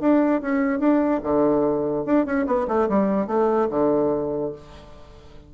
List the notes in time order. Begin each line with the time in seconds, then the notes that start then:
0.00 D4
0.41 C#4
0.79 D4
1.23 D3
2.05 D4
2.26 C#4
2.46 B3
2.68 A3
2.89 G3
3.27 A3
3.70 D3